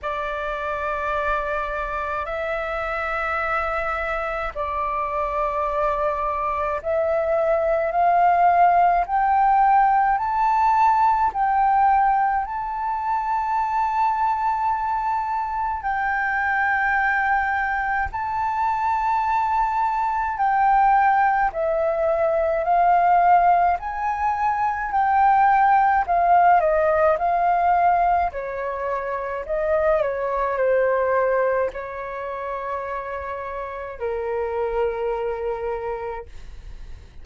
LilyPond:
\new Staff \with { instrumentName = "flute" } { \time 4/4 \tempo 4 = 53 d''2 e''2 | d''2 e''4 f''4 | g''4 a''4 g''4 a''4~ | a''2 g''2 |
a''2 g''4 e''4 | f''4 gis''4 g''4 f''8 dis''8 | f''4 cis''4 dis''8 cis''8 c''4 | cis''2 ais'2 | }